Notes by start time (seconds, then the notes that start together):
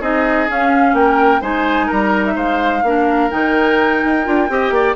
0.00 C4 D#4 G#4 D#5
0.48 C#4 F5
0.93 A#3 G5
0.99 A#4
1.41 G#3 D#4 C5 G#5
1.87 G3 A#4 A#5
2.25 E5
2.36 G#3 C5 F5
2.83 A#3 D4 A#4
3.31 D#3 D#4 G5
4.04 D#4
4.25 D4 F4
4.49 C4 G4 D#5
4.70 A#3 D5